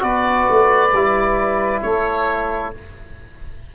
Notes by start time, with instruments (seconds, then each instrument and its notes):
0.00 tuba B3, trombone F#4, saxophone B4, oboe D5
0.50 tuba A3
0.93 tuba G3, trombone E4
1.82 tuba A3, saxophone A4, oboe C#5